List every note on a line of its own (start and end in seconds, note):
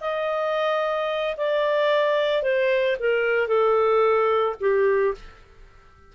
0.00 1.35 D#5
1.37 2.42 D5
2.42 2.96 C5
2.99 3.47 A#4
3.47 4.55 A4
4.60 5.14 G4